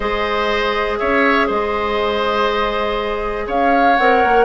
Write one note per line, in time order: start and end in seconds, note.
0.00 0.99 G#3
0.00 3.96 G#4
0.00 0.98 C5
0.00 0.98 D#5
0.98 1.49 C#4
0.98 1.47 C#5
0.98 1.48 E5
1.47 3.47 G#3
1.47 3.45 C5
1.47 3.48 D#5
3.46 3.97 C#4
3.46 4.45 C#5
3.46 3.95 F5
3.95 4.23 C4
3.95 4.45 A#4
3.95 4.45 F#5
4.24 4.45 A#3